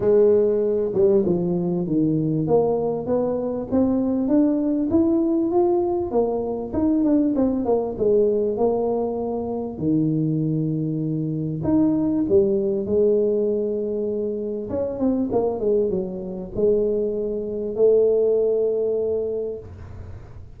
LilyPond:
\new Staff \with { instrumentName = "tuba" } { \time 4/4 \tempo 4 = 98 gis4. g8 f4 dis4 | ais4 b4 c'4 d'4 | e'4 f'4 ais4 dis'8 d'8 | c'8 ais8 gis4 ais2 |
dis2. dis'4 | g4 gis2. | cis'8 c'8 ais8 gis8 fis4 gis4~ | gis4 a2. | }